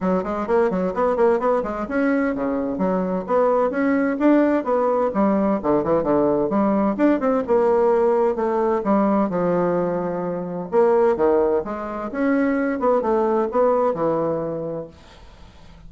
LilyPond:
\new Staff \with { instrumentName = "bassoon" } { \time 4/4 \tempo 4 = 129 fis8 gis8 ais8 fis8 b8 ais8 b8 gis8 | cis'4 cis4 fis4 b4 | cis'4 d'4 b4 g4 | d8 e8 d4 g4 d'8 c'8 |
ais2 a4 g4 | f2. ais4 | dis4 gis4 cis'4. b8 | a4 b4 e2 | }